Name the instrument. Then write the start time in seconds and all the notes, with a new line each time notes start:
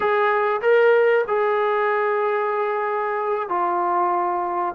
trombone
0.00 G#4
0.61 A#4
1.27 G#4
3.48 F4